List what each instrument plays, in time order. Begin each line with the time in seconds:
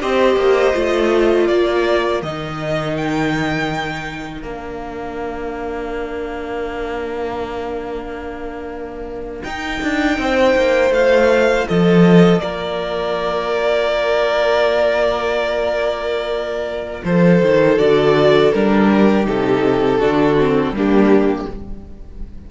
0.00 cello C4, viola G4, violin C5 D#5
0.36 cello A#3
0.74 cello A3, viola F4
1.47 cello A#3, violin A#4 D5
2.22 cello D#3, viola D#4, violin D#5
2.96 violin G5
4.42 cello A#3, viola D4, violin F5
9.44 cello D#4, viola D#4, violin G5
9.82 cello D4
10.18 cello C4, violin C5
10.55 cello A#3
10.90 cello A3, viola F4, violin F5
11.67 cello F3, violin A4 D#5
12.39 cello A#3, violin A#4 D5
17.04 cello F3, violin A4 C5
17.42 cello D#3
17.78 cello D3, viola F#4, violin D5
18.52 cello G3, viola D4, violin A#4
18.92 violin G4
19.25 cello C3, viola D#4, violin A4
19.99 cello D3, viola D4, violin F#4
20.38 viola C4
20.71 cello G3, viola A#3, violin D4 G4